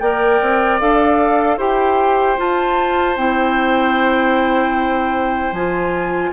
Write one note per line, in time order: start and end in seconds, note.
0.00 0.41 A#3
0.00 0.81 A#4
0.00 1.58 D5
0.00 0.79 G5
0.41 0.81 C4
0.80 1.58 D4
0.80 1.60 A4
0.80 1.59 F5
1.58 2.37 E4
1.58 2.38 G4
1.58 6.31 C5
1.58 2.40 G5
2.38 3.17 F4
2.38 3.16 F4
2.38 3.17 A5
3.16 5.52 C4
3.16 5.54 E4
3.16 5.54 G5
5.52 6.31 F3
5.52 6.33 F4
5.52 6.33 G#5